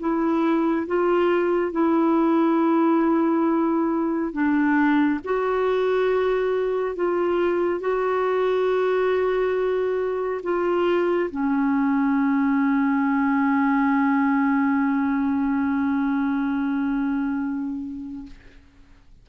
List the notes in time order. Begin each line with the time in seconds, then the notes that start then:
0.00 E4
0.87 F4
1.72 E4
4.33 D4
5.25 F#4
6.95 F4
7.80 F#4
10.43 F4
11.30 C#4